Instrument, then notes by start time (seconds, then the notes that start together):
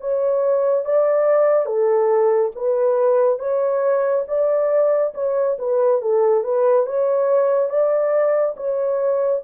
horn
0.00 C#5
0.85 D5
1.66 A4
2.55 B4
3.39 C#5
4.27 D5
5.14 C#5
5.58 B4
6.01 A4
6.44 B4
6.86 C#5
7.69 D5
8.56 C#5